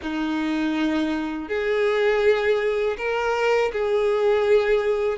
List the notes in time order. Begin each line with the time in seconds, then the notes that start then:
0.02 D#4
1.48 G#4
2.97 A#4
3.72 G#4